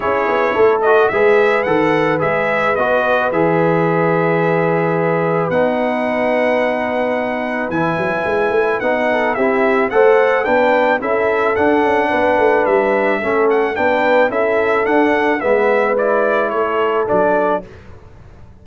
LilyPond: <<
  \new Staff \with { instrumentName = "trumpet" } { \time 4/4 \tempo 4 = 109 cis''4. dis''8 e''4 fis''4 | e''4 dis''4 e''2~ | e''2 fis''2~ | fis''2 gis''2 |
fis''4 e''4 fis''4 g''4 | e''4 fis''2 e''4~ | e''8 fis''8 g''4 e''4 fis''4 | e''4 d''4 cis''4 d''4 | }
  \new Staff \with { instrumentName = "horn" } { \time 4/4 gis'4 a'4 b'2~ | b'1~ | b'1~ | b'1~ |
b'8 a'8 g'4 c''4 b'4 | a'2 b'2 | a'4 b'4 a'2 | b'2 a'2 | }
  \new Staff \with { instrumentName = "trombone" } { \time 4/4 e'4. fis'8 gis'4 a'4 | gis'4 fis'4 gis'2~ | gis'2 dis'2~ | dis'2 e'2 |
dis'4 e'4 a'4 d'4 | e'4 d'2. | cis'4 d'4 e'4 d'4 | b4 e'2 d'4 | }
  \new Staff \with { instrumentName = "tuba" } { \time 4/4 cis'8 b8 a4 gis4 dis4 | gis4 b4 e2~ | e2 b2~ | b2 e8 fis8 gis8 a8 |
b4 c'4 a4 b4 | cis'4 d'8 cis'8 b8 a8 g4 | a4 b4 cis'4 d'4 | gis2 a4 fis4 | }
>>